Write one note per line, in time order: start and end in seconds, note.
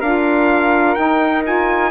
0.00 0.96 D4
0.00 0.96 F4
0.00 1.90 A#4
0.00 0.95 F5
0.95 1.43 D#4
0.95 1.91 D#4
0.95 1.42 G5
1.44 1.91 F4
1.44 1.91 G#5